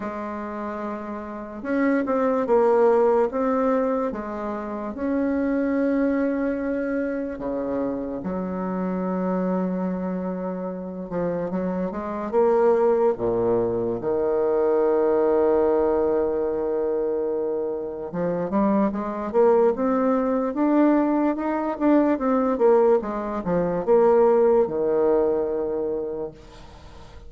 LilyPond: \new Staff \with { instrumentName = "bassoon" } { \time 4/4 \tempo 4 = 73 gis2 cis'8 c'8 ais4 | c'4 gis4 cis'2~ | cis'4 cis4 fis2~ | fis4. f8 fis8 gis8 ais4 |
ais,4 dis2.~ | dis2 f8 g8 gis8 ais8 | c'4 d'4 dis'8 d'8 c'8 ais8 | gis8 f8 ais4 dis2 | }